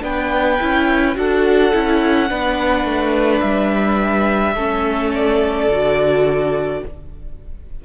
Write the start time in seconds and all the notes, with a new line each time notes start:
0.00 B3 D4 B4 G5
0.61 C#4 E4
1.15 D4 F#4 A4 F#5
1.74 C#4 E4
2.30 B3 D4 B4
2.85 A3
3.41 G3 E5
4.54 A3 C#4 A4
5.14 D5
5.69 D3 F#4